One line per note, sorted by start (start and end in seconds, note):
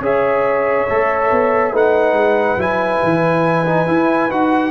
0.00 0.86 C#4
0.00 0.88 G#4
0.00 1.72 C#5
0.00 1.76 E5
0.90 1.31 A3
0.90 1.74 A4
1.31 1.73 B3
1.72 2.13 A3
1.72 2.59 D#4
1.72 4.71 B4
1.72 2.61 F#5
2.13 2.56 G#3
2.57 3.00 F#3
2.57 3.66 E4
2.57 4.31 G#5
3.03 3.88 E3
3.67 3.87 D#4
3.87 4.30 E4
4.30 4.71 D#4
4.30 4.71 F#4
4.30 4.71 F#5